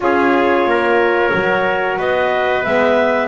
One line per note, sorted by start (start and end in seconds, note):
0.00 0.65 C#4
0.00 1.31 F4
0.00 0.69 G#4
0.00 1.99 C#5
0.65 1.31 A#3
0.65 1.98 A#4
1.32 1.99 F#3
1.32 2.63 F#4
1.98 2.65 B3
1.98 3.27 B4
1.98 2.64 D#5
2.64 3.27 G#3
2.64 3.27 B3
2.64 3.27 E5